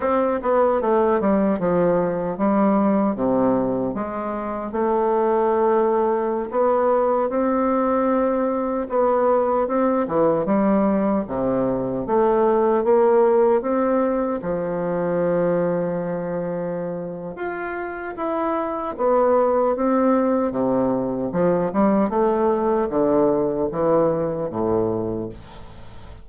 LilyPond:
\new Staff \with { instrumentName = "bassoon" } { \time 4/4 \tempo 4 = 76 c'8 b8 a8 g8 f4 g4 | c4 gis4 a2~ | a16 b4 c'2 b8.~ | b16 c'8 e8 g4 c4 a8.~ |
a16 ais4 c'4 f4.~ f16~ | f2 f'4 e'4 | b4 c'4 c4 f8 g8 | a4 d4 e4 a,4 | }